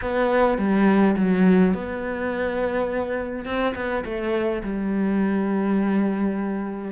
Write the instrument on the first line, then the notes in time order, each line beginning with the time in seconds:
cello
0.01 B3
0.58 G3
1.16 F#3
1.74 B3
3.45 C4
3.75 B3
4.04 A3
4.63 G3